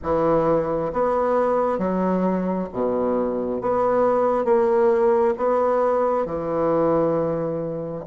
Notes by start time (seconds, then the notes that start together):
0.02 E3
0.92 B3
1.78 F#3
2.72 B2
3.61 B3
4.45 A#3
5.37 B3
6.25 E3